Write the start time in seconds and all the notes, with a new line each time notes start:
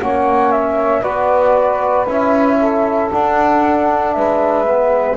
0.00 A#3 C#4 C#5 F#5
0.51 E5
1.01 B3 F#4 B4 D5
2.06 C#4 E4 E5
2.59 A4
3.11 D4 F#5
4.12 G#3 B4 E5
4.66 B3